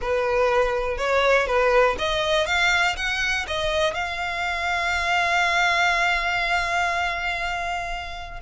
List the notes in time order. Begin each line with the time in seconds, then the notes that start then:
0.01 B4
0.97 C#5
1.47 B4
1.98 D#5
2.46 F5
2.96 F#5
3.47 D#5
3.94 F5